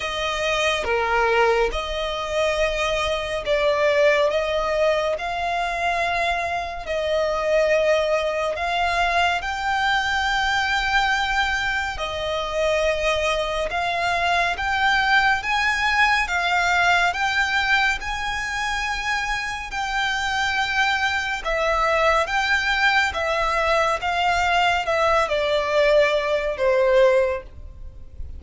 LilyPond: \new Staff \with { instrumentName = "violin" } { \time 4/4 \tempo 4 = 70 dis''4 ais'4 dis''2 | d''4 dis''4 f''2 | dis''2 f''4 g''4~ | g''2 dis''2 |
f''4 g''4 gis''4 f''4 | g''4 gis''2 g''4~ | g''4 e''4 g''4 e''4 | f''4 e''8 d''4. c''4 | }